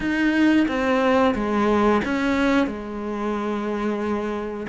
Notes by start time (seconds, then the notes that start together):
0.00 D#4
0.68 C4
1.34 G#3
2.05 C#4
2.66 G#3